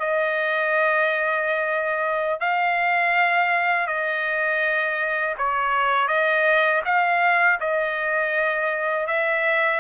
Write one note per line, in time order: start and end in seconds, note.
0.00 2.40 D#5
2.40 3.87 F5
3.87 5.35 D#5
5.38 6.08 C#5
6.08 6.82 D#5
6.85 7.59 F5
7.60 9.07 D#5
9.07 9.80 E5